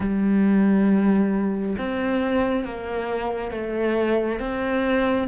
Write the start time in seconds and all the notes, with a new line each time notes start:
0.00 G3
1.78 C4
2.65 A#3
3.51 A3
4.39 C4